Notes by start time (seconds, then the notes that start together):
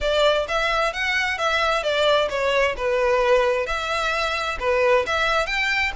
0.00 D5
0.47 E5
0.93 F#5
1.37 E5
1.83 D5
2.29 C#5
2.76 B4
3.66 E5
4.59 B4
5.06 E5
5.46 G5